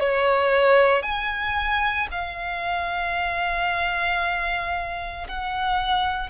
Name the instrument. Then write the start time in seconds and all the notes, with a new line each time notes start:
violin
0.00 C#5
1.02 G#5
2.11 F5
5.28 F#5